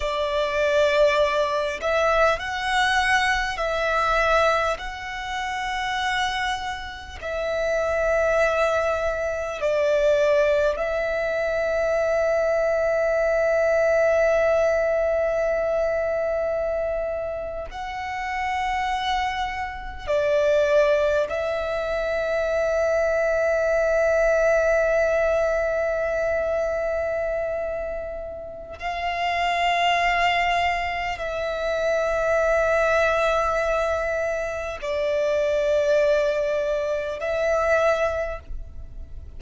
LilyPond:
\new Staff \with { instrumentName = "violin" } { \time 4/4 \tempo 4 = 50 d''4. e''8 fis''4 e''4 | fis''2 e''2 | d''4 e''2.~ | e''2~ e''8. fis''4~ fis''16~ |
fis''8. d''4 e''2~ e''16~ | e''1 | f''2 e''2~ | e''4 d''2 e''4 | }